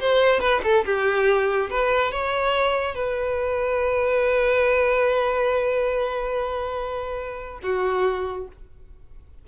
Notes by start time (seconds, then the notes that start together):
0.00 C5
0.40 B4
0.64 A4
0.85 G4
1.70 B4
2.12 C#5
2.95 B4
7.63 F#4